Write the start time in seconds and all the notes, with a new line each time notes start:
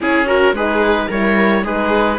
0.00 C#4 E4 G#4
0.26 F#4 A#4
0.52 G#3 D#4 G#4 B4
1.08 G3 E4 A#4 C#5
1.63 G#3 D#4 G#4 B4